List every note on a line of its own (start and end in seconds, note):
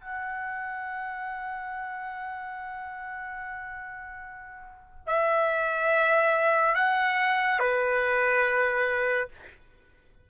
0.00 5.07 F#5
5.07 6.75 E5
6.75 7.59 F#5
7.59 9.28 B4